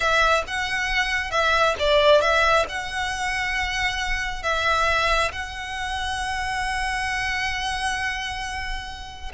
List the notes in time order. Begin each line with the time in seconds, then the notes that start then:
0.00 E5
0.47 F#5
1.31 E5
1.79 D5
2.21 E5
2.68 F#5
4.42 E5
5.32 F#5